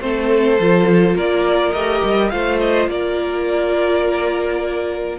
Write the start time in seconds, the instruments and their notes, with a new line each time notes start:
0.00 cello A3, viola C4, violin A4 C5
0.59 cello F3, viola F4
1.14 cello A#3, violin A#4 D5
1.71 cello A3, viola G4, violin D#5
2.03 cello G3
2.29 cello A3, viola F4, violin C5 F5
2.59 violin D#5
2.87 cello A#3, violin A#4 D5